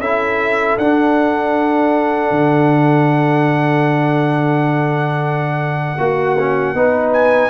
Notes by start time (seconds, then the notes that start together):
0.00 C#4 E4 A4 E5
0.78 D4 F#5
2.31 D3
5.98 A#3 F#4
6.39 C#4
6.74 B3 D#4 B4
7.13 G#5